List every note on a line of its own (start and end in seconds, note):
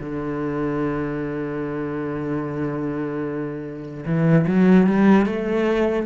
0.00 4.05 D3
4.06 4.47 E3
4.47 4.87 F#3
4.87 5.26 G3
5.26 6.07 A3